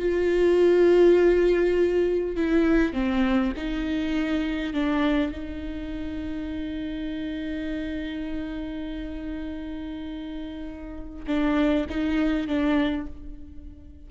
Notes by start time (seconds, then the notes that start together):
0.00 F4
2.37 E4
2.94 C4
3.57 D#4
4.74 D4
5.32 D#4
11.27 D4
11.90 D#4
12.48 D4